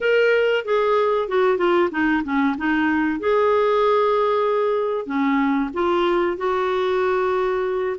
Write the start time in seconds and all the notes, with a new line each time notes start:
0.00 A#4
0.64 G#4
1.28 F#4
1.57 F4
1.91 D#4
2.23 C#4
2.57 D#4
3.19 G#4
5.06 C#4
5.73 F4
6.37 F#4